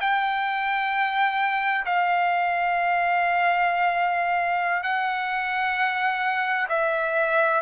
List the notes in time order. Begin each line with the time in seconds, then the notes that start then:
0.00 G5
1.85 F5
4.83 F#5
6.69 E5